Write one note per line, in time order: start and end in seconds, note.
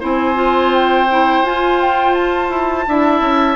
0.00 1.43 C4
0.00 0.35 E4
0.00 2.86 C5
0.00 0.74 G#5
0.35 1.06 F4
0.74 1.45 G5
1.11 1.45 E4
1.43 2.50 F4
1.43 2.88 F4
1.43 1.81 G#5
1.81 2.15 G5
2.15 3.56 A5
2.50 2.85 E4
2.87 3.21 D4
2.87 3.56 E4
2.87 3.56 E5
3.21 3.56 C#4